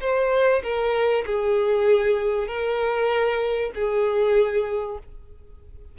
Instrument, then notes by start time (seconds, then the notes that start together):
violin
0.00 C5
0.63 A#4
1.25 G#4
2.47 A#4
3.74 G#4